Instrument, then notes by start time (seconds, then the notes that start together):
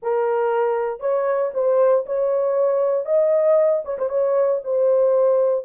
horn
0.02 A#4
1.00 C#5
1.53 C5
2.06 C#5
3.05 D#5
3.84 C#5
3.98 C5
4.09 C#5
4.63 C5